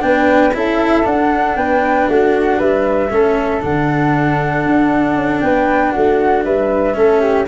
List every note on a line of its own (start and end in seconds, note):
0.00 0.55 B3
0.00 0.51 D4
0.00 0.56 B4
0.00 0.54 G5
0.55 1.06 C#4
0.55 1.04 E4
0.55 1.58 A4
0.55 1.07 E5
1.04 3.09 D4
1.04 1.56 D4
1.04 1.57 F#5
1.56 2.08 B3
1.56 2.09 B4
1.56 2.08 G5
2.08 2.60 A3
2.08 2.58 F#4
2.08 2.60 F#5
2.58 3.11 G3
2.58 3.10 B4
2.58 3.63 E5
3.11 3.63 A3
3.11 3.61 C#4
3.11 5.44 A4
3.61 4.66 D3
3.61 6.95 D4
3.61 5.41 F#5
4.66 5.16 D4
5.16 5.41 C#4
5.41 5.94 B3
5.41 5.93 B4
5.41 5.92 G5
5.92 6.46 A3
5.92 6.44 F#4
5.92 6.43 F#5
6.45 6.96 G3
6.45 6.96 B4
6.45 7.47 E5
6.95 7.48 A3
6.95 7.46 C#4
6.95 7.21 A4
7.21 7.47 G4